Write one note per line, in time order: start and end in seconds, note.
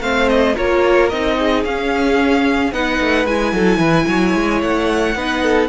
0.00 0.54 A3
0.00 0.56 C4
0.00 0.55 C5
0.00 0.28 F5
0.28 0.55 D#5
0.55 1.12 A#3
0.55 1.11 F4
0.55 1.36 A#4
0.55 1.09 C#5
1.09 1.64 C4
1.09 1.66 D#4
1.09 1.63 D#5
1.39 2.73 G#4
1.64 2.72 C#4
1.64 2.73 F5
2.72 2.99 B3
2.72 3.26 D#4
2.72 3.54 B4
2.72 3.26 F#5
3.00 3.25 A3
3.25 3.52 G#3
3.25 5.16 E4
3.25 4.61 G#5
3.53 3.77 F#3
3.53 3.79 A4
3.77 4.04 E3
3.77 4.06 B4
4.07 4.34 F#3
4.07 5.16 C#5
4.34 4.61 G#3
4.61 5.15 A3
4.61 5.68 F#5
5.15 5.68 B3
5.15 5.68 D#4
5.15 5.43 B4
5.43 5.68 A4